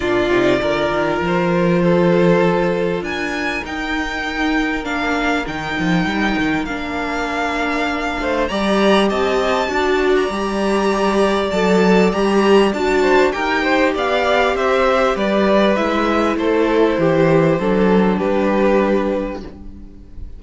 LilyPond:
<<
  \new Staff \with { instrumentName = "violin" } { \time 4/4 \tempo 4 = 99 d''2 c''2~ | c''4 gis''4 g''2 | f''4 g''2 f''4~ | f''2 ais''4 a''4~ |
a''8. ais''2~ ais''16 a''4 | ais''4 a''4 g''4 f''4 | e''4 d''4 e''4 c''4~ | c''2 b'2 | }
  \new Staff \with { instrumentName = "violin" } { \time 4/4 f'4 ais'2 a'4~ | a'4 ais'2.~ | ais'1~ | ais'4. c''8 d''4 dis''4 |
d''1~ | d''4. c''8 ais'8 c''8 d''4 | c''4 b'2 a'4 | g'4 a'4 g'2 | }
  \new Staff \with { instrumentName = "viola" } { \time 4/4 d'8 dis'8 f'2.~ | f'2 dis'2 | d'4 dis'2 d'4~ | d'2 g'2 |
fis'4 g'2 a'4 | g'4 fis'4 g'2~ | g'2 e'2~ | e'4 d'2. | }
  \new Staff \with { instrumentName = "cello" } { \time 4/4 ais,8 c8 d8 dis8 f2~ | f4 d'4 dis'2 | ais4 dis8 f8 g8 dis8 ais4~ | ais4. a8 g4 c'4 |
d'4 g2 fis4 | g4 d'4 dis'4 b4 | c'4 g4 gis4 a4 | e4 fis4 g2 | }
>>